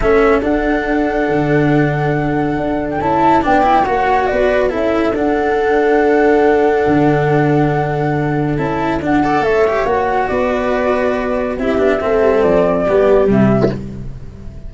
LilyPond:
<<
  \new Staff \with { instrumentName = "flute" } { \time 4/4 \tempo 4 = 140 e''4 fis''2.~ | fis''2~ fis''8. g''16 a''4 | g''4 fis''4 d''4 e''4 | fis''1~ |
fis''1 | a''4 fis''4 e''4 fis''4 | d''2. e''4~ | e''4 d''2 e''4 | }
  \new Staff \with { instrumentName = "viola" } { \time 4/4 a'1~ | a'1 | d''4 cis''4 b'4 a'4~ | a'1~ |
a'1~ | a'4. d''8 cis''2 | b'2. g'4 | a'2 g'2 | }
  \new Staff \with { instrumentName = "cello" } { \time 4/4 cis'4 d'2.~ | d'2. e'4 | d'8 e'8 fis'2 e'4 | d'1~ |
d'1 | e'4 d'8 a'4 g'8 fis'4~ | fis'2. e'8 d'8 | c'2 b4 g4 | }
  \new Staff \with { instrumentName = "tuba" } { \time 4/4 a4 d'2 d4~ | d2 d'4 cis'4 | b4 ais4 b4 cis'4 | d'1 |
d1 | cis'4 d'4 a4 ais4 | b2. c'8 b8 | a8 g8 f4 g4 c4 | }
>>